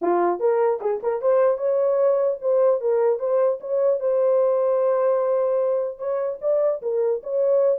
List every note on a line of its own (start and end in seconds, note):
0.01 0.39 F4
0.39 0.79 A#4
0.81 1.01 G#4
1.02 1.21 A#4
1.21 1.57 C5
1.57 2.37 C#5
2.41 2.81 C5
2.81 3.19 A#4
3.19 3.59 C5
3.60 4.00 C#5
4.00 5.98 C5
5.98 6.38 C#5
6.41 6.81 D5
6.82 7.22 A#4
7.23 7.78 C#5